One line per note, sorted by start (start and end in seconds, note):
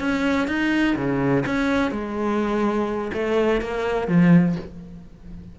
0.00 0.48 C#4
0.48 0.96 D#4
0.96 1.44 C#3
1.47 1.92 C#4
1.92 3.12 G#3
3.14 3.62 A3
3.62 4.08 A#3
4.08 4.56 F3